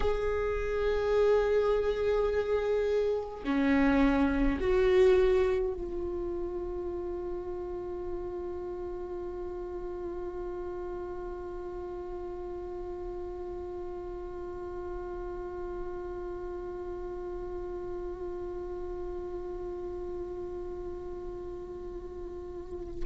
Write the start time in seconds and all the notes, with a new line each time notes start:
0.00 G#4
3.44 C#4
4.60 F#4
5.73 F4